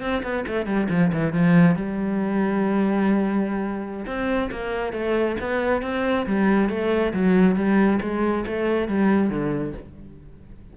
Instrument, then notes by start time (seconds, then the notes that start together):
cello
0.00 C4
0.23 B3
0.47 A3
0.65 G3
0.89 F3
1.12 E3
1.32 F3
1.75 G3
4.06 C4
4.51 A#3
4.92 A3
5.40 B3
5.82 C4
6.26 G3
6.69 A3
7.13 F#3
7.55 G3
8.01 G#3
8.46 A3
8.87 G3
9.29 D3